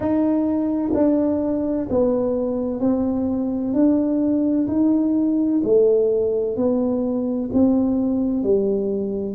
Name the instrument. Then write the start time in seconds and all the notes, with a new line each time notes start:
tuba
0.00 D#4
0.94 D4
1.89 B3
2.80 C4
3.73 D4
4.67 D#4
5.63 A3
6.56 B3
7.53 C4
8.43 G3